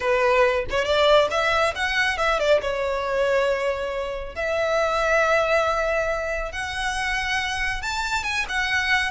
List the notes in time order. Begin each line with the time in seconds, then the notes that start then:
0.00 B4
0.70 C#5
0.84 D5
1.30 E5
1.75 F#5
2.17 E5
2.39 D5
2.61 C#5
4.35 E5
6.52 F#5
7.82 A5
8.23 G#5
8.48 F#5